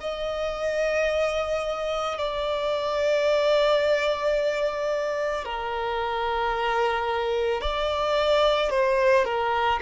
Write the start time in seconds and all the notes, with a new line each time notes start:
0.00 D#5
2.18 D5
5.45 A#4
7.61 D5
8.70 C5
9.25 A#4